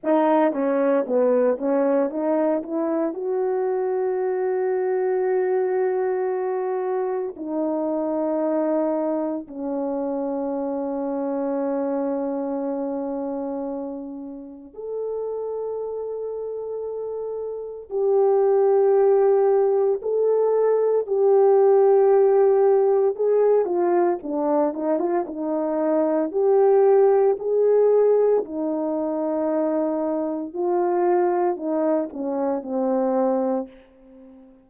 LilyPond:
\new Staff \with { instrumentName = "horn" } { \time 4/4 \tempo 4 = 57 dis'8 cis'8 b8 cis'8 dis'8 e'8 fis'4~ | fis'2. dis'4~ | dis'4 cis'2.~ | cis'2 a'2~ |
a'4 g'2 a'4 | g'2 gis'8 f'8 d'8 dis'16 f'16 | dis'4 g'4 gis'4 dis'4~ | dis'4 f'4 dis'8 cis'8 c'4 | }